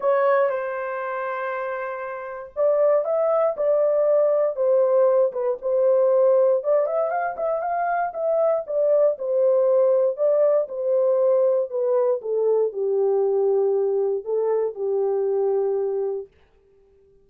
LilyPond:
\new Staff \with { instrumentName = "horn" } { \time 4/4 \tempo 4 = 118 cis''4 c''2.~ | c''4 d''4 e''4 d''4~ | d''4 c''4. b'8 c''4~ | c''4 d''8 e''8 f''8 e''8 f''4 |
e''4 d''4 c''2 | d''4 c''2 b'4 | a'4 g'2. | a'4 g'2. | }